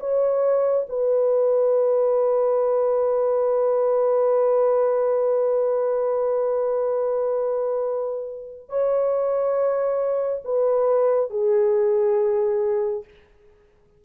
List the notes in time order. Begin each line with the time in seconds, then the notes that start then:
0.00 C#5
0.89 B4
8.69 C#5
10.45 B4
11.30 G#4